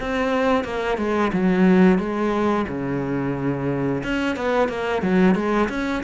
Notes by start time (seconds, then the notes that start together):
0.00 C4
0.64 A#3
0.98 G#3
1.33 F#3
1.99 G#3
2.68 C#3
4.03 C#4
4.36 B3
4.69 A#3
5.02 F#3
5.35 G#3
5.69 C#4